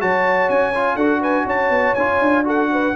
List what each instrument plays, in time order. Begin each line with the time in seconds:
0.00 tuba F#3, trombone F#4, horn C#5, trumpet A5
0.49 tuba C#4, trumpet G#5
0.75 trombone F4
0.96 tuba D4, trombone F#4, horn A4, trumpet F#5
1.21 horn B4, trumpet G#5
1.46 tuba C#4, horn C#5, trumpet A5
1.70 tuba B3
1.95 tuba C#4, trombone F4, trumpet G#5
2.21 tuba D4
2.44 trombone F#4, horn A4, trumpet F#5
2.72 horn B4